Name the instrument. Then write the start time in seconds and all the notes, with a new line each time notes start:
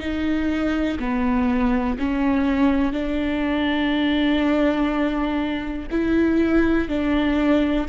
viola
0.00 D#4
0.99 B3
1.99 C#4
2.92 D4
5.91 E4
6.88 D4